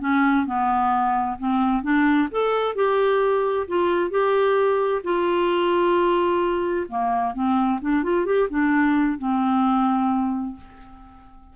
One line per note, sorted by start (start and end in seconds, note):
0.00 0.46 C#4
0.46 1.37 B3
1.39 1.82 C4
1.82 2.28 D4
2.31 2.75 A4
2.75 3.67 G4
3.67 4.10 F4
4.10 5.02 G4
5.03 6.87 F4
6.88 7.34 A#3
7.34 7.79 C4
7.81 8.03 D4
8.03 8.25 F4
8.25 8.48 G4
8.49 9.18 D4
9.18 10.56 C4